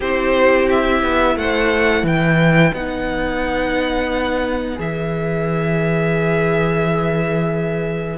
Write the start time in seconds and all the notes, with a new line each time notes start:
0.00 C4 E4 G4 C5
0.69 E5
1.03 B3
1.36 A3 C5 F#5
2.03 E3 B4 G5
2.73 B3 D#4 F#5
4.76 E3 G#4 E5